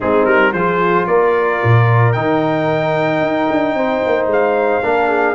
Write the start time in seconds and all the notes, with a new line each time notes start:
0.00 G#3 C4 D#4 G#4
0.25 G3 A#4
0.52 F3 F4 G#4 C5
1.06 A#3 A#4 D5
1.63 A#2
2.12 D#3 D#4 G5
3.21 D#4
3.50 D4
3.74 C4 C5
4.06 A#3
4.26 G#3 F5
4.82 A#3 D4 A#4
5.08 G#4